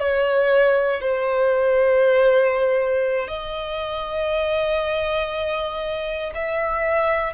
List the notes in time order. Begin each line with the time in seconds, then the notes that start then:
0.00 C#5
1.01 C5
3.28 D#5
6.35 E5